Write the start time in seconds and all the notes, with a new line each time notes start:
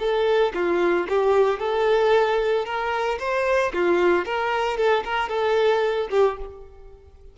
0.00 A4
0.54 F4
1.09 G4
1.60 A4
2.65 A#4
3.20 C5
3.73 F4
4.26 A#4
4.77 A4
5.05 A#4
5.29 A4
6.11 G4